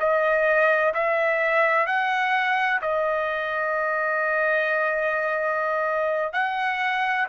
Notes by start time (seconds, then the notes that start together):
0.00 D#5
0.95 E5
1.87 F#5
2.82 D#5
6.33 F#5